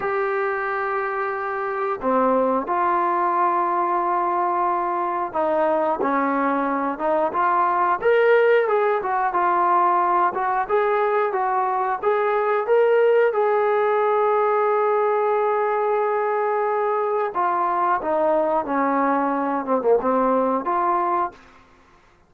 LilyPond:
\new Staff \with { instrumentName = "trombone" } { \time 4/4 \tempo 4 = 90 g'2. c'4 | f'1 | dis'4 cis'4. dis'8 f'4 | ais'4 gis'8 fis'8 f'4. fis'8 |
gis'4 fis'4 gis'4 ais'4 | gis'1~ | gis'2 f'4 dis'4 | cis'4. c'16 ais16 c'4 f'4 | }